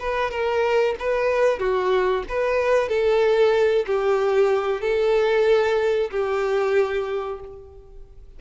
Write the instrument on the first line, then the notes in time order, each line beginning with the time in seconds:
violin
0.00 B4
0.31 A#4
0.99 B4
1.59 F#4
2.29 B4
2.89 A4
3.87 G4
4.81 A4
6.11 G4